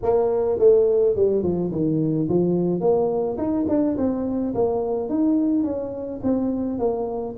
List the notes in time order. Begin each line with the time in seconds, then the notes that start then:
0.02 A#3
0.58 A3
1.15 G3
1.42 F3
1.71 D#3
2.28 F3
2.80 A#3
3.37 D#4
3.68 D4
3.97 C4
4.54 A#3
5.09 D#4
5.63 C#4
6.23 C4
6.78 A#3